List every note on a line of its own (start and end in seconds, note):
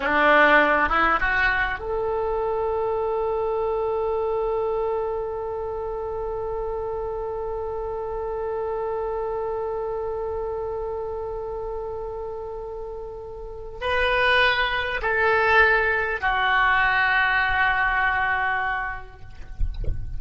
0.00 0.89 D4
0.89 1.19 E4
1.20 1.78 F#4
1.78 13.78 A4
13.80 15.00 B4
15.02 16.20 A4
16.20 19.20 F#4